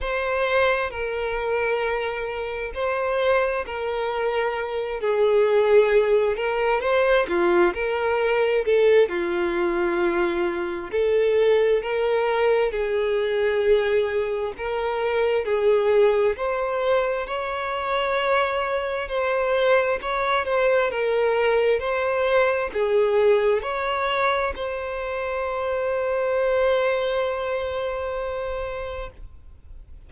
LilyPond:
\new Staff \with { instrumentName = "violin" } { \time 4/4 \tempo 4 = 66 c''4 ais'2 c''4 | ais'4. gis'4. ais'8 c''8 | f'8 ais'4 a'8 f'2 | a'4 ais'4 gis'2 |
ais'4 gis'4 c''4 cis''4~ | cis''4 c''4 cis''8 c''8 ais'4 | c''4 gis'4 cis''4 c''4~ | c''1 | }